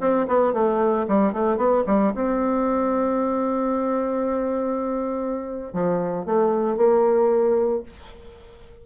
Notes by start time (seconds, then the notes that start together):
0.00 C4
0.27 B3
0.53 A3
1.08 G3
1.32 A3
1.57 B3
1.86 G3
2.15 C4
5.73 F3
6.25 A3
6.76 A#3